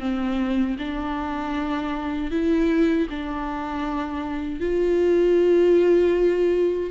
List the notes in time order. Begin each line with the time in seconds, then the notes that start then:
0.00 C4
0.79 D4
2.31 E4
3.10 D4
4.61 F4